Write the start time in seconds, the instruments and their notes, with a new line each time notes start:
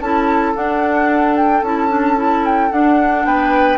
0.00 bassoon C#4, clarinet E4, oboe A4, flute A5
0.55 clarinet D4, bassoon D4, flute F#5
1.36 flute G5
1.62 bassoon C#4, clarinet E4, flute A5
1.89 clarinet D4
2.16 clarinet E4
2.45 flute G5
2.71 clarinet D4, bassoon D4, flute F#5
3.25 bassoon B3, oboe B4, flute G5